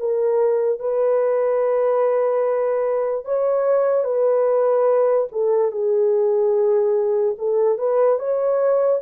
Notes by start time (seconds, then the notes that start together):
0.00 A#4
0.80 B4
3.25 C#5
4.05 B4
5.32 A4
5.72 G#4
7.39 A4
7.79 B4
8.20 C#5